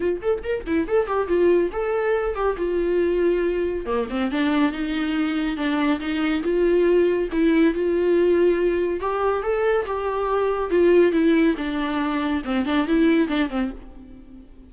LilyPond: \new Staff \with { instrumentName = "viola" } { \time 4/4 \tempo 4 = 140 f'8 a'8 ais'8 e'8 a'8 g'8 f'4 | a'4. g'8 f'2~ | f'4 ais8 c'8 d'4 dis'4~ | dis'4 d'4 dis'4 f'4~ |
f'4 e'4 f'2~ | f'4 g'4 a'4 g'4~ | g'4 f'4 e'4 d'4~ | d'4 c'8 d'8 e'4 d'8 c'8 | }